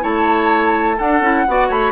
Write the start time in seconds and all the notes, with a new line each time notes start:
0.00 A3 E4 C#5 A5
0.97 D4 A4 F#5
1.20 C#4 E4
1.47 B3 F#4 D5
1.68 A3 C#5 B5